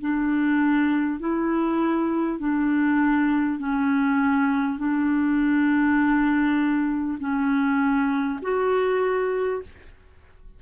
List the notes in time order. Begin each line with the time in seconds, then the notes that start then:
0.00 D4
1.19 E4
2.39 D4
3.59 C#4
4.78 D4
7.19 C#4
8.42 F#4